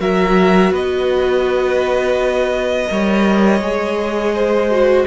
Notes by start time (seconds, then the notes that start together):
0.00 F#3 F#4 A#4 E5
0.71 B3 B4 D#5
2.88 G3 A#4 C#5
3.60 G#3 G#4
4.35 C5
4.70 F#4